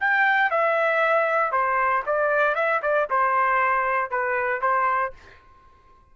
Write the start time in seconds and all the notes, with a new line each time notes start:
0.00 G5
0.51 E5
1.52 C5
2.06 D5
2.55 E5
2.82 D5
3.10 C5
4.11 B4
4.62 C5